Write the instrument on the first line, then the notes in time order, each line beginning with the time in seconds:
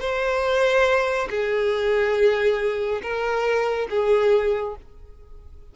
violin
0.00 C5
1.30 G#4
3.02 A#4
3.90 G#4